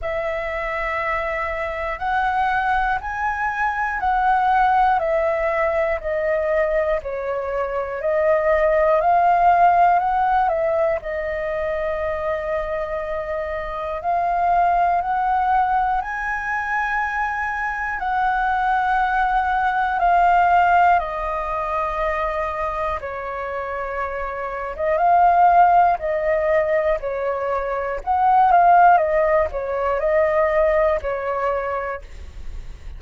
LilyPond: \new Staff \with { instrumentName = "flute" } { \time 4/4 \tempo 4 = 60 e''2 fis''4 gis''4 | fis''4 e''4 dis''4 cis''4 | dis''4 f''4 fis''8 e''8 dis''4~ | dis''2 f''4 fis''4 |
gis''2 fis''2 | f''4 dis''2 cis''4~ | cis''8. dis''16 f''4 dis''4 cis''4 | fis''8 f''8 dis''8 cis''8 dis''4 cis''4 | }